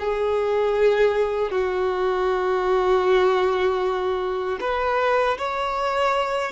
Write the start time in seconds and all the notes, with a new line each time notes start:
0.00 G#4
1.51 F#4
4.61 B4
5.38 C#5